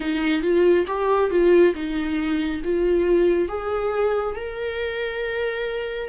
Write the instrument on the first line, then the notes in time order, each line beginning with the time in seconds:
viola
0.00 D#4
0.42 F4
0.87 G4
1.30 F4
1.74 D#4
2.64 F4
3.48 G#4
4.35 A#4